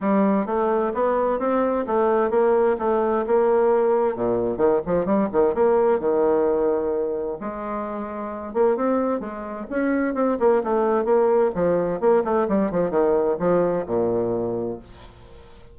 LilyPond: \new Staff \with { instrumentName = "bassoon" } { \time 4/4 \tempo 4 = 130 g4 a4 b4 c'4 | a4 ais4 a4 ais4~ | ais4 ais,4 dis8 f8 g8 dis8 | ais4 dis2. |
gis2~ gis8 ais8 c'4 | gis4 cis'4 c'8 ais8 a4 | ais4 f4 ais8 a8 g8 f8 | dis4 f4 ais,2 | }